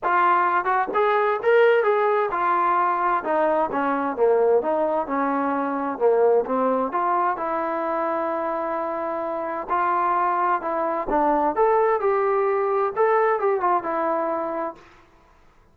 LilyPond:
\new Staff \with { instrumentName = "trombone" } { \time 4/4 \tempo 4 = 130 f'4. fis'8 gis'4 ais'4 | gis'4 f'2 dis'4 | cis'4 ais4 dis'4 cis'4~ | cis'4 ais4 c'4 f'4 |
e'1~ | e'4 f'2 e'4 | d'4 a'4 g'2 | a'4 g'8 f'8 e'2 | }